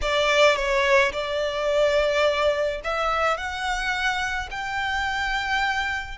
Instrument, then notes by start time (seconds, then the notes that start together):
violin
0.01 D5
0.56 C#5
1.12 D5
2.84 E5
3.37 F#5
4.51 G5